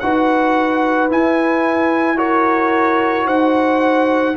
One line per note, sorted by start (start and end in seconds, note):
0.00 1.10 D#4
0.00 1.10 F#4
0.00 2.18 B4
0.00 1.09 F#5
1.10 2.17 E4
1.10 3.26 E4
1.10 2.19 G#5
2.17 4.35 F#4
2.17 3.26 A#4
2.17 3.28 C#5
3.26 4.35 D#4
3.26 4.35 C5
3.26 4.37 F#5